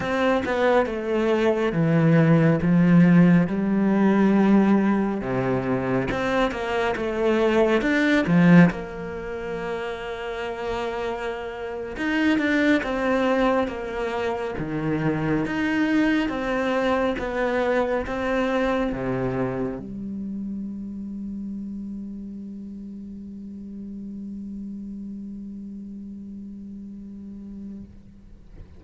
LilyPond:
\new Staff \with { instrumentName = "cello" } { \time 4/4 \tempo 4 = 69 c'8 b8 a4 e4 f4 | g2 c4 c'8 ais8 | a4 d'8 f8 ais2~ | ais4.~ ais16 dis'8 d'8 c'4 ais16~ |
ais8. dis4 dis'4 c'4 b16~ | b8. c'4 c4 g4~ g16~ | g1~ | g1 | }